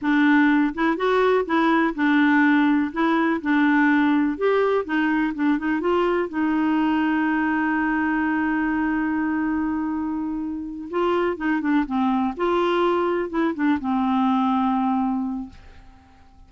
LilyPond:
\new Staff \with { instrumentName = "clarinet" } { \time 4/4 \tempo 4 = 124 d'4. e'8 fis'4 e'4 | d'2 e'4 d'4~ | d'4 g'4 dis'4 d'8 dis'8 | f'4 dis'2.~ |
dis'1~ | dis'2~ dis'8 f'4 dis'8 | d'8 c'4 f'2 e'8 | d'8 c'2.~ c'8 | }